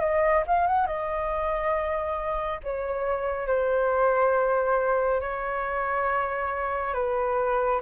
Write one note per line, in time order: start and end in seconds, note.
0.00 0.43 D#5
0.47 0.67 F5
0.67 0.87 F#5
0.87 2.60 D#5
2.64 3.47 C#5
3.47 5.21 C5
5.21 6.94 C#5
6.94 7.81 B4